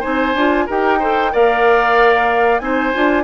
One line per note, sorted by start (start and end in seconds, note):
0.00 0.34 C4
0.00 0.33 D#4
0.00 0.65 C5
0.00 0.67 G#5
0.34 0.67 D4
0.34 0.69 F4
0.67 1.34 D#4
0.67 1.01 G4
0.67 0.99 A#4
0.67 1.35 G5
0.99 1.32 A4
0.99 1.32 C5
1.32 2.60 A#3
1.32 2.61 A#4
1.32 2.62 D5
1.32 2.59 F5
2.59 2.92 C4
2.59 2.93 D#4
2.59 3.24 C5
2.59 3.24 G#5
2.94 3.24 D4
2.94 3.24 F4